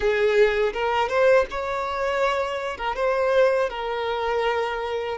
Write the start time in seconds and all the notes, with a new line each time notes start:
0.00 G#4
0.73 A#4
1.08 C5
1.50 C#5
2.77 A#4
2.95 C5
3.69 A#4